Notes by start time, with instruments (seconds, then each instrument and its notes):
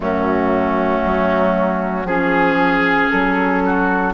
0.00 bassoon F#2, clarinet A3, oboe C#4, flute F#4
1.05 bassoon F#3
2.04 bassoon F3, clarinet C#4, flute G#4, oboe G#4
3.10 bassoon F#3, flute A4
3.65 oboe F#4